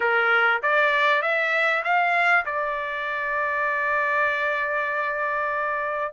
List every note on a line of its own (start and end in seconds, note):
0.00 0.61 A#4
0.62 1.22 D5
1.22 1.83 E5
1.83 2.45 F5
2.45 6.12 D5